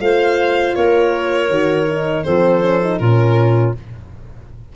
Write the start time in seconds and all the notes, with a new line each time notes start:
0.00 A3 F4 C5 F5
0.75 A#3 A#4 C#5
1.49 D#3 F#4
1.88 D#4
2.23 F3 C4 A4 C5
2.62 C#4
2.82 D#4
2.98 A#2 C#4 F4 A#4